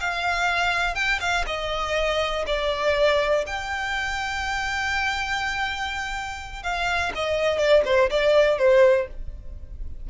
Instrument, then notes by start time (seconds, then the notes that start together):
violin
0.00 F5
0.95 G5
1.20 F5
1.46 D#5
2.46 D5
3.46 G5
6.63 F5
7.15 D#5
7.58 D5
7.85 C5
8.10 D5
8.58 C5